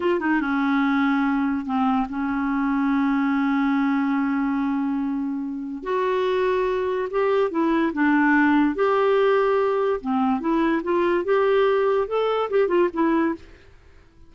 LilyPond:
\new Staff \with { instrumentName = "clarinet" } { \time 4/4 \tempo 4 = 144 f'8 dis'8 cis'2. | c'4 cis'2.~ | cis'1~ | cis'2 fis'2~ |
fis'4 g'4 e'4 d'4~ | d'4 g'2. | c'4 e'4 f'4 g'4~ | g'4 a'4 g'8 f'8 e'4 | }